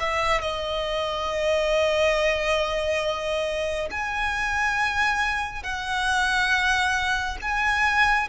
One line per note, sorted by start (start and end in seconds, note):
0.00 0.41 E5
0.41 3.89 D#5
3.91 5.63 G#5
5.63 7.37 F#5
7.42 8.28 G#5